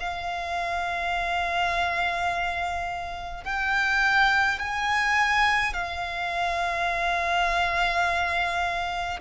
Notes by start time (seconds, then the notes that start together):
0.00 F5
3.44 G5
4.59 G#5
5.74 F5